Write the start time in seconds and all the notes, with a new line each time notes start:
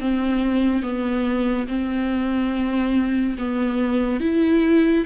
0.00 C4
0.82 B3
1.67 C4
3.38 B3
4.20 E4